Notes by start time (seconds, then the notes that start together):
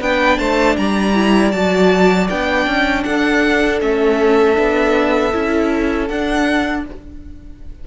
0.00 B3 D4 B4 G5
0.37 A3 C5 A5
0.76 G3 D5 A#5
1.13 E4
1.51 F#3 F#4 A5
2.29 B3 D4 G5
2.66 C#4
3.03 D4 A4 F#5
3.80 A3 C#4 E5
4.54 B3 D4
5.32 C#4 E4
6.08 D4 F#5